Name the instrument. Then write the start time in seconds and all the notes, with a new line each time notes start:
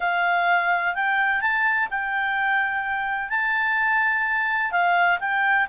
clarinet
0.00 F5
0.94 G5
1.41 A5
1.90 G5
3.29 A5
4.71 F5
5.20 G5